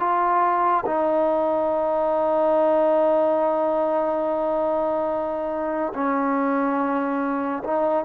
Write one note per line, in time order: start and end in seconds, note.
0.00 0.85 F4
0.86 5.93 D#4
5.95 7.64 C#4
7.64 8.05 D#4